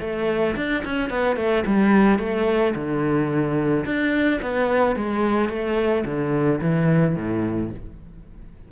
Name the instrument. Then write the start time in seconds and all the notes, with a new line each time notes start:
cello
0.00 A3
0.56 D4
0.84 C#4
1.10 B3
1.36 A3
1.66 G3
2.19 A3
2.75 D3
3.85 D4
4.42 B3
4.96 G#3
5.49 A3
6.05 D3
6.61 E3
7.16 A2